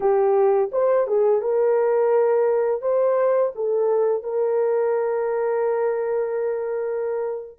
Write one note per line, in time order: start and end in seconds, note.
0.00 0.70 G4
0.72 1.07 C5
1.07 1.41 G#4
1.41 2.81 A#4
2.81 3.52 C5
3.55 4.23 A4
4.23 7.58 A#4